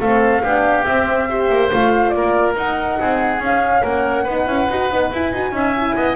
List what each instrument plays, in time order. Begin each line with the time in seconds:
0.00 double bass A3, horn C4, oboe A4, flute F5
0.44 double bass B3, horn D4, oboe G4
0.85 horn C4, double bass C4, flute E5
1.30 horn G4, oboe C5
1.50 double bass A#3
1.71 double bass A3, horn F4, flute F5
2.10 double bass A#3, flute D5
2.17 oboe A#4
2.55 horn D#4, double bass D#4, flute F#5
3.00 double bass C4, oboe G#4
3.40 double bass C#4, horn C#4, flute F5
3.82 double bass A#3, oboe A#4, flute F#5
4.24 double bass B3, horn D#4, oboe B4
4.47 double bass C#4, horn E4
4.70 double bass D#4, horn F#4
4.91 double bass B3, horn D#4
5.12 double bass E4, horn E4, flute G#5
5.33 double bass D#4, horn F#4
5.52 double bass C#4, horn D#4, oboe E5
5.77 horn E4
5.96 double bass B3, oboe D#5